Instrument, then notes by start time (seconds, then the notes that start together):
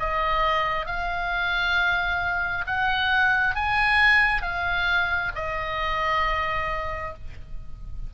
oboe
0.00 D#5
0.86 F5
2.67 F#5
3.55 G#5
4.42 F5
5.35 D#5